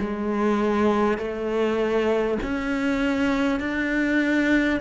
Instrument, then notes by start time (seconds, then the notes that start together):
cello
0.00 G#3
1.18 A3
2.43 C#4
3.59 D4